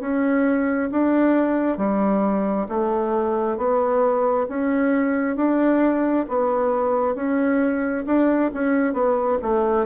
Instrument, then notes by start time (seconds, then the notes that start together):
bassoon
0.00 C#4
0.91 D4
1.77 G3
2.68 A3
3.57 B3
4.48 C#4
5.36 D4
6.28 B3
7.15 C#4
8.06 D4
8.53 C#4
8.93 B3
9.42 A3